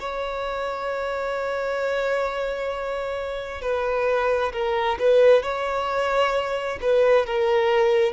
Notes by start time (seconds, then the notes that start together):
0.00 C#5
3.62 B4
4.52 A#4
4.99 B4
5.43 C#5
6.81 B4
7.26 A#4